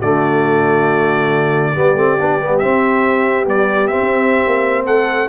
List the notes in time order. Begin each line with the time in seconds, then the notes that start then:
0.00 D3 A3 F#4 D5
1.74 G3 B3 G4
1.94 A3 C4
2.18 B3 D4
2.39 G3 B3
2.58 C4 E5
3.44 G3 B3 D5
3.87 C4 E5
4.00 C4
4.46 A#3
4.85 A3 A4 F#5